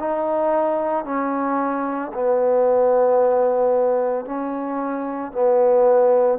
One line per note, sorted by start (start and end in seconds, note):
0.00 1.05 D#4
1.05 2.12 C#4
2.14 4.26 B3
4.26 5.33 C#4
5.33 6.39 B3